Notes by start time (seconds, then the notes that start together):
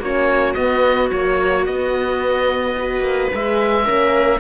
0.00 A#3 C#4 F#4 C#5
0.54 B3 D#5
1.11 F#3 A#3 C#5
1.66 B3 D#5
2.78 F#4 B4
3.00 A#3
3.34 G#3 G#4 E5
3.85 A#3 C#4 A#4